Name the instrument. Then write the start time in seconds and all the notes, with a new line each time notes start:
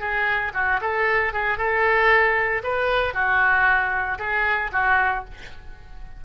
oboe
0.00 G#4
0.54 F#4
0.81 A4
1.33 G#4
1.58 A4
2.63 B4
3.14 F#4
4.19 G#4
4.72 F#4